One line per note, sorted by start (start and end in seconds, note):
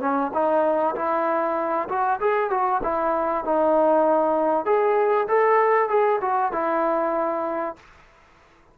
0.00 0.31 C#4
0.33 0.95 D#4
0.96 1.88 E4
1.89 2.20 F#4
2.20 2.50 G#4
2.50 2.81 F#4
2.83 3.45 E4
3.45 4.66 D#4
4.66 5.27 G#4
5.28 5.89 A4
5.89 6.20 G#4
6.21 6.52 F#4
6.52 7.76 E4